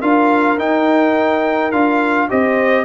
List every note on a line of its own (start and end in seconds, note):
0.00 0.58 D4
0.00 0.58 F4
0.00 2.29 A#4
0.00 0.58 F5
0.58 1.72 D#4
0.58 1.72 G5
1.72 2.30 D4
1.72 2.29 F4
1.72 2.29 F5
2.29 2.84 C4
2.29 2.84 G4
2.29 2.84 C5
2.29 2.84 D#5